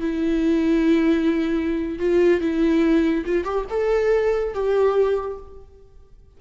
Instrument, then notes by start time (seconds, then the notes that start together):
viola
0.00 E4
1.99 F4
2.40 E4
3.25 F4
3.44 G4
3.69 A4
4.53 G4